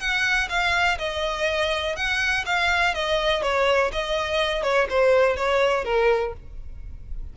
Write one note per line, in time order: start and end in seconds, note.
0.00 0.49 F#5
0.49 0.98 F5
0.99 1.96 D#5
1.96 2.45 F#5
2.46 2.94 F5
2.94 3.43 D#5
3.43 3.92 C#5
3.92 4.63 D#5
4.63 4.87 C#5
4.90 5.37 C5
5.37 5.84 C#5
5.84 6.33 A#4